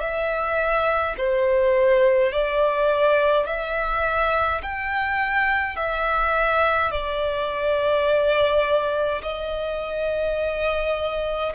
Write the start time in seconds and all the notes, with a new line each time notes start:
0.00 E5
1.18 C5
2.32 D5
3.46 E5
4.63 G5
5.76 E5
6.91 D5
9.22 D#5